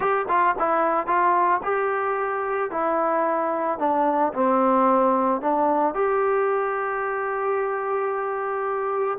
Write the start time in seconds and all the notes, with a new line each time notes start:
0.00 G4
0.28 F4
0.58 E4
1.06 F4
1.63 G4
2.70 E4
3.78 D4
4.33 C4
5.41 D4
5.94 G4